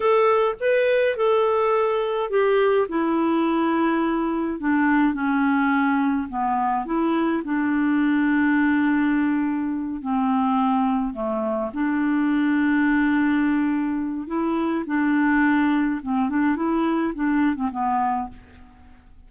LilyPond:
\new Staff \with { instrumentName = "clarinet" } { \time 4/4 \tempo 4 = 105 a'4 b'4 a'2 | g'4 e'2. | d'4 cis'2 b4 | e'4 d'2.~ |
d'4. c'2 a8~ | a8 d'2.~ d'8~ | d'4 e'4 d'2 | c'8 d'8 e'4 d'8. c'16 b4 | }